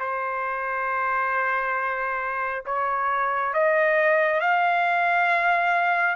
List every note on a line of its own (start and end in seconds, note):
0.00 2.65 C5
2.66 3.54 C#5
3.54 4.40 D#5
4.40 6.16 F5